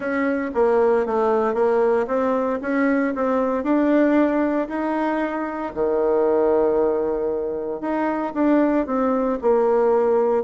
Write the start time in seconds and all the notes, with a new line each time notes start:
0.00 C#4
0.54 A#3
1.06 A3
1.54 A#3
2.07 C4
2.61 C#4
3.15 C4
3.63 D4
4.68 D#4
5.74 D#3
7.80 D#4
8.34 D4
8.86 C4
9.41 A#3